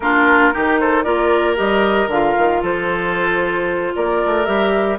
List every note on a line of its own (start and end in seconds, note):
0.00 0.53 A#3
0.00 0.52 D4
0.00 0.53 F4
0.00 0.76 A#4
0.52 1.05 D#3
0.52 1.04 D#4
0.52 0.80 G4
0.79 1.04 A4
0.79 1.03 C5
1.03 1.58 A#3
1.03 1.56 F4
1.03 2.61 A#4
1.03 1.55 D5
1.56 2.07 G3
1.56 2.08 G4
1.56 2.10 D#5
2.07 2.33 D3
2.07 4.45 F4
2.07 2.63 F5
2.37 2.62 D#3
2.61 3.94 F3
2.61 3.93 A4
2.61 3.95 C5
3.95 4.22 A#3
3.95 4.99 A#4
3.95 4.45 D5
4.25 4.47 A3
4.45 4.99 G3
4.45 4.98 G4
4.45 4.97 E5